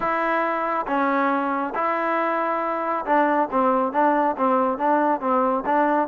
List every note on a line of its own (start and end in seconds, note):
0.00 0.86 E4
0.86 1.73 C#4
1.74 3.05 E4
3.05 3.49 D4
3.51 3.92 C4
3.92 4.36 D4
4.37 4.78 C4
4.78 5.20 D4
5.20 5.63 C4
5.65 6.08 D4